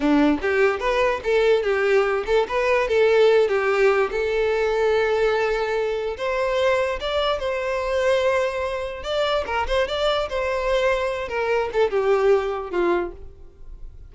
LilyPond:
\new Staff \with { instrumentName = "violin" } { \time 4/4 \tempo 4 = 146 d'4 g'4 b'4 a'4 | g'4. a'8 b'4 a'4~ | a'8 g'4. a'2~ | a'2. c''4~ |
c''4 d''4 c''2~ | c''2 d''4 ais'8 c''8 | d''4 c''2~ c''8 ais'8~ | ais'8 a'8 g'2 f'4 | }